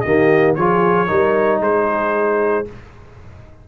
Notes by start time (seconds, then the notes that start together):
0.00 D#3 A#3 G4 D#5
0.55 F3 F4 G#4 C#5
1.07 G3 D#4 A#4
1.60 G#3 G#4 C5